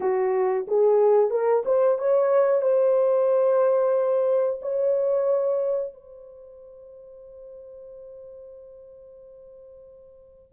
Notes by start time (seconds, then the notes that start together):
0.00 F#4
0.67 G#4
1.30 A#4
1.65 C5
1.98 C#5
2.61 C5
4.61 C#5
5.93 C5